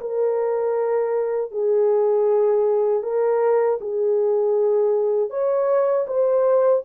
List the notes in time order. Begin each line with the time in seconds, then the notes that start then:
0.00 A#4
1.51 G#4
3.02 A#4
3.80 G#4
5.30 C#5
6.07 C5